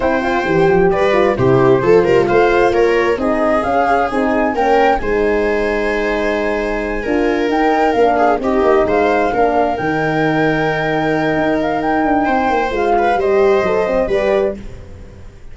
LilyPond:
<<
  \new Staff \with { instrumentName = "flute" } { \time 4/4 \tempo 4 = 132 g''2 d''4 c''4~ | c''4 f''4 cis''4 dis''4 | f''4 gis''4 g''4 gis''4~ | gis''1~ |
gis''8 g''4 f''4 dis''4 f''8~ | f''4. g''2~ g''8~ | g''4. f''8 g''2 | f''4 dis''2 d''4 | }
  \new Staff \with { instrumentName = "viola" } { \time 4/4 c''2 b'4 g'4 | a'8 ais'8 c''4 ais'4 gis'4~ | gis'2 ais'4 c''4~ | c''2.~ c''8 ais'8~ |
ais'2 gis'8 g'4 c''8~ | c''8 ais'2.~ ais'8~ | ais'2. c''4~ | c''8 b'8 c''2 b'4 | }
  \new Staff \with { instrumentName = "horn" } { \time 4/4 e'8 f'8 g'4. f'8 e'4 | f'2. dis'4 | cis'4 dis'4 cis'4 dis'4~ | dis'2.~ dis'8 f'8~ |
f'8 dis'4 d'4 dis'4.~ | dis'8 d'4 dis'2~ dis'8~ | dis'1 | f'4 g'4 a'8 c'8 g'4 | }
  \new Staff \with { instrumentName = "tuba" } { \time 4/4 c'4 e8 f8 g4 c4 | f8 g8 a4 ais4 c'4 | cis'4 c'4 ais4 gis4~ | gis2.~ gis8 d'8~ |
d'8 dis'4 ais4 c'8 ais8 gis8~ | gis8 ais4 dis2~ dis8~ | dis4 dis'4. d'8 c'8 ais8 | gis4 g4 fis4 g4 | }
>>